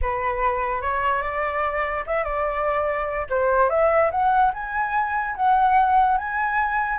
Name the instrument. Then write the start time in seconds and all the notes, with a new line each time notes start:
flute
0.01 B4
0.81 C#5
1.22 D5
2.06 E5
2.24 D5
3.29 C5
3.69 E5
4.11 F#5
4.53 G#5
5.35 F#5
6.17 G#5